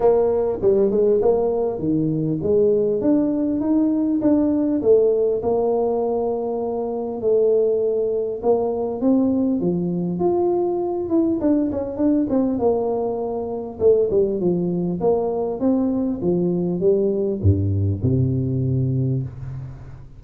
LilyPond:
\new Staff \with { instrumentName = "tuba" } { \time 4/4 \tempo 4 = 100 ais4 g8 gis8 ais4 dis4 | gis4 d'4 dis'4 d'4 | a4 ais2. | a2 ais4 c'4 |
f4 f'4. e'8 d'8 cis'8 | d'8 c'8 ais2 a8 g8 | f4 ais4 c'4 f4 | g4 g,4 c2 | }